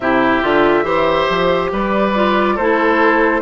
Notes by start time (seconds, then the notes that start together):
0.00 C3 E4 G4 E5
0.42 D3 F4
0.83 E3 G4 C5
1.29 F3
1.71 G3 B4 D5
2.15 F4
2.55 A3 E4 A4 C5